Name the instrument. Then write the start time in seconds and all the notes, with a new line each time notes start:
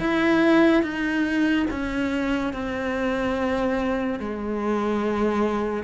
cello
0.00 E4
0.83 D#4
1.71 C#4
2.54 C4
4.20 G#3